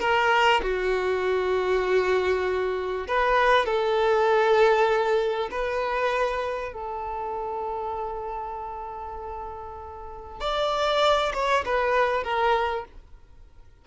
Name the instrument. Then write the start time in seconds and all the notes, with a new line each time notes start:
violin
0.00 A#4
0.62 F#4
3.08 B4
3.65 A4
5.51 B4
6.73 A4
10.40 D5
11.33 C#5
11.65 B4
12.23 A#4